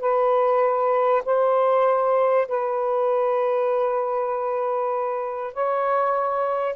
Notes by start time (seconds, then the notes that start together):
0.00 B4
1.26 C5
2.48 B4
5.54 C#5